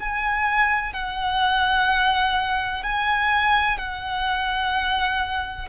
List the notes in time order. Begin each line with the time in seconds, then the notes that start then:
0.00 G#5
0.94 F#5
2.84 G#5
3.78 F#5